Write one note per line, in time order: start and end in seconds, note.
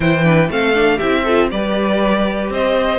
0.00 0.49 E3
0.00 0.21 E4
0.00 0.24 C5
0.00 0.49 G5
0.23 0.48 D4
0.23 0.49 B4
0.49 0.99 A3
0.49 0.74 C4
0.49 0.96 A4
0.49 0.98 F5
0.74 0.99 D4
0.96 1.51 C4
0.96 1.26 E4
0.96 1.21 G4
0.96 1.48 E5
1.24 1.50 F4
1.24 1.49 A4
1.50 2.49 G3
1.50 2.98 G4
1.50 2.52 B4
1.50 2.50 D5
2.49 2.98 C4
2.49 2.98 C5
2.49 2.98 D#5